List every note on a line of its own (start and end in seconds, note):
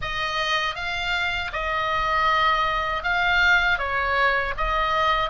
0.01 0.75 D#5
0.75 1.51 F5
1.52 3.03 D#5
3.03 3.78 F5
3.78 4.54 C#5
4.57 5.30 D#5